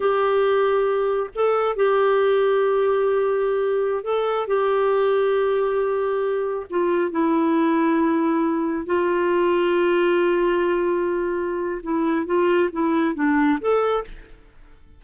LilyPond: \new Staff \with { instrumentName = "clarinet" } { \time 4/4 \tempo 4 = 137 g'2. a'4 | g'1~ | g'4~ g'16 a'4 g'4.~ g'16~ | g'2.~ g'16 f'8.~ |
f'16 e'2.~ e'8.~ | e'16 f'2.~ f'8.~ | f'2. e'4 | f'4 e'4 d'4 a'4 | }